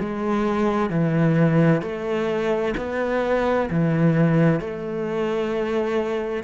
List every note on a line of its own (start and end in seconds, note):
0.00 0.90 G#3
0.90 1.82 E3
1.82 2.74 A3
2.77 3.70 B3
3.70 4.61 E3
4.61 6.44 A3